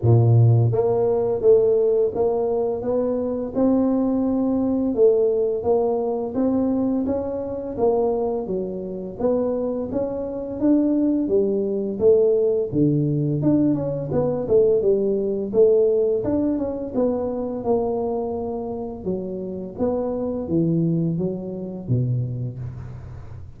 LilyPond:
\new Staff \with { instrumentName = "tuba" } { \time 4/4 \tempo 4 = 85 ais,4 ais4 a4 ais4 | b4 c'2 a4 | ais4 c'4 cis'4 ais4 | fis4 b4 cis'4 d'4 |
g4 a4 d4 d'8 cis'8 | b8 a8 g4 a4 d'8 cis'8 | b4 ais2 fis4 | b4 e4 fis4 b,4 | }